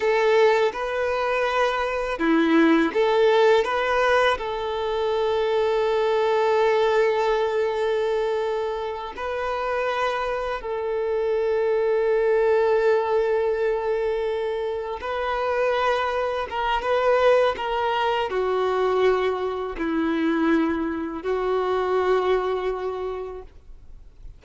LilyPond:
\new Staff \with { instrumentName = "violin" } { \time 4/4 \tempo 4 = 82 a'4 b'2 e'4 | a'4 b'4 a'2~ | a'1~ | a'8 b'2 a'4.~ |
a'1~ | a'8 b'2 ais'8 b'4 | ais'4 fis'2 e'4~ | e'4 fis'2. | }